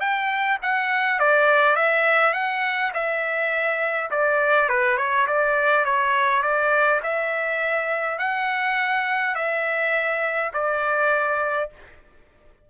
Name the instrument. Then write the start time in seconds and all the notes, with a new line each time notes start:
trumpet
0.00 G5
0.62 F#5
1.19 D5
1.76 E5
2.34 F#5
2.94 E5
4.11 D5
4.69 B4
4.98 C#5
5.27 D5
5.85 C#5
6.42 D5
7.03 E5
8.18 F#5
9.35 E5
10.53 D5